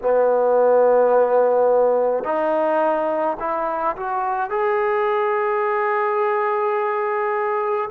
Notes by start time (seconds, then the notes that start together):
0.02 B3
2.24 D#4
3.39 E4
3.96 F#4
4.50 G#4